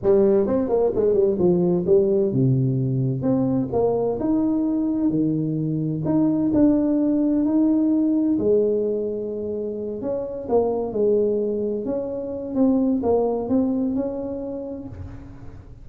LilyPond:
\new Staff \with { instrumentName = "tuba" } { \time 4/4 \tempo 4 = 129 g4 c'8 ais8 gis8 g8 f4 | g4 c2 c'4 | ais4 dis'2 dis4~ | dis4 dis'4 d'2 |
dis'2 gis2~ | gis4. cis'4 ais4 gis8~ | gis4. cis'4. c'4 | ais4 c'4 cis'2 | }